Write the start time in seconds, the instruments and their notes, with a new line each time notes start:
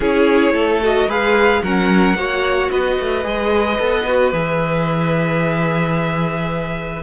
0.00 cello C#4, viola E4, violin G#4 C#5
0.52 cello A3, violin A4
0.82 viola F#4, violin D#5
1.07 cello G#3, viola G#4, violin B4 F5
1.62 cello F#3, viola C#4, violin A#4 F#5
2.15 cello A#3, viola F#4, violin C#5
2.70 cello B3, violin B4 D#5
2.99 cello A3
3.23 cello G#3, viola G#4
3.78 cello B3, viola A4
4.08 viola F#4
4.32 cello E3, viola G#4, violin E5